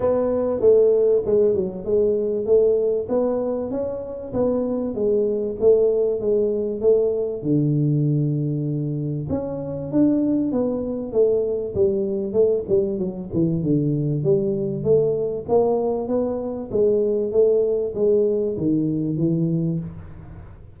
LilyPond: \new Staff \with { instrumentName = "tuba" } { \time 4/4 \tempo 4 = 97 b4 a4 gis8 fis8 gis4 | a4 b4 cis'4 b4 | gis4 a4 gis4 a4 | d2. cis'4 |
d'4 b4 a4 g4 | a8 g8 fis8 e8 d4 g4 | a4 ais4 b4 gis4 | a4 gis4 dis4 e4 | }